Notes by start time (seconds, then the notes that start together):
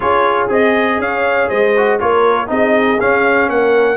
0.00 C#4 F4 G#4 C#5
0.48 C4 G#4 D#5
0.98 C#4 C#5 F5
1.49 G#3 C5 D#5
1.76 F#4
1.99 A#3 F4 A#4 C#5
2.47 C4 D#4 G#4 D#5
3.00 C#4 F5
3.48 A#3 A#4 F#5